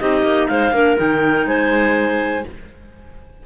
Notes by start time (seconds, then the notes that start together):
0.00 C4 D#4 G4 D#5
0.23 A#3
0.48 G#3 C5 F5
0.72 A#3 D4 A#4
0.97 D#3 D#4 G5
1.46 G#3 C5 G#5